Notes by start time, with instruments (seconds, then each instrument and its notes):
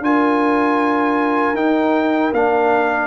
0.00 tuba D4, trombone F4, horn A#4, trumpet G#5
1.54 tuba D#4, trombone D#4, trumpet G5
2.32 tuba A#3, trombone D4, trumpet F5